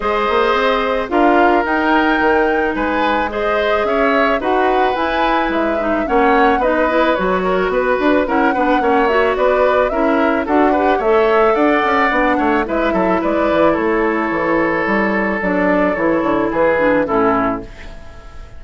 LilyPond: <<
  \new Staff \with { instrumentName = "flute" } { \time 4/4 \tempo 4 = 109 dis''2 f''4 g''4~ | g''4 gis''4 dis''4 e''4 | fis''4 gis''4 e''4 fis''4 | dis''4 cis''4 b'4 fis''4~ |
fis''8 e''8 d''4 e''4 fis''4 | e''4 fis''2 e''4 | d''4 cis''2. | d''4 cis''4 b'4 a'4 | }
  \new Staff \with { instrumentName = "oboe" } { \time 4/4 c''2 ais'2~ | ais'4 b'4 c''4 cis''4 | b'2. cis''4 | b'4. ais'8 b'4 ais'8 b'8 |
cis''4 b'4 ais'4 a'8 b'8 | cis''4 d''4. cis''8 b'8 a'8 | b'4 a'2.~ | a'2 gis'4 e'4 | }
  \new Staff \with { instrumentName = "clarinet" } { \time 4/4 gis'2 f'4 dis'4~ | dis'2 gis'2 | fis'4 e'4. dis'8 cis'4 | dis'8 e'8 fis'2 e'8 d'8 |
cis'8 fis'4. e'4 fis'8 g'8 | a'2 d'4 e'4~ | e'1 | d'4 e'4. d'8 cis'4 | }
  \new Staff \with { instrumentName = "bassoon" } { \time 4/4 gis8 ais8 c'4 d'4 dis'4 | dis4 gis2 cis'4 | dis'4 e'4 gis4 ais4 | b4 fis4 b8 d'8 cis'8 b8 |
ais4 b4 cis'4 d'4 | a4 d'8 cis'8 b8 a8 gis8 fis8 | gis8 e8 a4 e4 g4 | fis4 e8 d8 e4 a,4 | }
>>